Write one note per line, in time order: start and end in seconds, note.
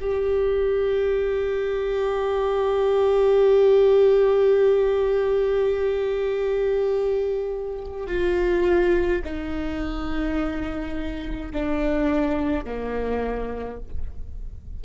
0.00 8.07 G4
8.07 9.22 F4
9.24 11.52 D#4
11.52 12.65 D4
12.65 13.80 A#3